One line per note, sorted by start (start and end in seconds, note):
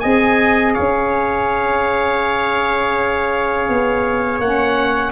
0.00 0.78 C4
0.00 4.42 G#4
0.00 0.74 D#5
0.00 0.73 G#5
0.74 3.69 C#4
0.74 5.12 C#5
0.74 4.40 F5
3.69 4.39 B3
4.39 5.12 A#3
4.39 5.12 C#4
4.39 5.12 F#5